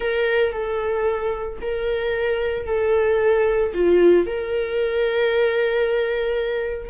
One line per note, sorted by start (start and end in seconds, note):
0.00 0.52 A#4
0.52 1.58 A4
1.61 2.66 A#4
2.66 3.72 A4
3.74 4.26 F4
4.26 6.89 A#4